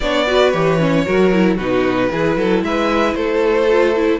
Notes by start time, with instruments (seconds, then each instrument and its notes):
0.00 cello B3, viola D4, violin C#5 D5
0.25 viola F#4, violin B4
0.51 cello E3, viola G4, violin C#5
0.79 viola C#4
1.05 cello F#3, viola F#4, violin A#4
1.32 viola E4
1.55 cello B2, viola D#4, violin F#4 B4
2.10 cello E3, viola E4, violin G#4
2.36 cello F#3, violin A4
2.62 cello G#3, violin B4 E5
3.14 cello A3, violin A4 C5
3.68 viola F4
3.95 viola E4